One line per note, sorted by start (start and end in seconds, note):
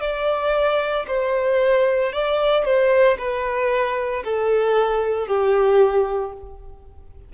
0.00 1.05 D5
1.07 2.12 C5
2.12 2.65 D5
2.65 3.17 C5
3.18 4.23 B4
4.24 5.27 A4
5.27 6.33 G4